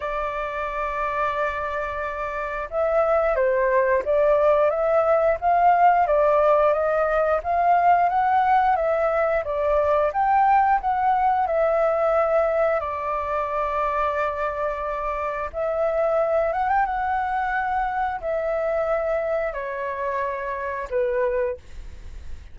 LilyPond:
\new Staff \with { instrumentName = "flute" } { \time 4/4 \tempo 4 = 89 d''1 | e''4 c''4 d''4 e''4 | f''4 d''4 dis''4 f''4 | fis''4 e''4 d''4 g''4 |
fis''4 e''2 d''4~ | d''2. e''4~ | e''8 fis''16 g''16 fis''2 e''4~ | e''4 cis''2 b'4 | }